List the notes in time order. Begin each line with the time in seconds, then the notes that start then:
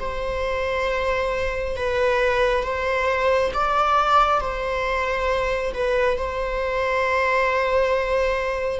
0.00 C5
1.76 B4
2.64 C5
3.54 D5
4.41 C5
5.74 B4
6.18 C5